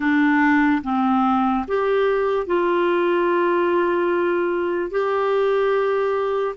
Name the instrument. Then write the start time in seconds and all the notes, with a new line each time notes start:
clarinet
0.00 D4
0.83 C4
1.67 G4
2.46 F4
4.90 G4